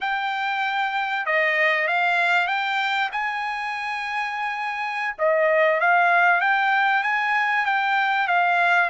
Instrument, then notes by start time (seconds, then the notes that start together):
trumpet
0.01 G5
1.26 D#5
1.87 F5
2.47 G5
3.12 G#5
5.18 D#5
5.80 F5
6.41 G5
7.03 G#5
7.65 G5
8.27 F5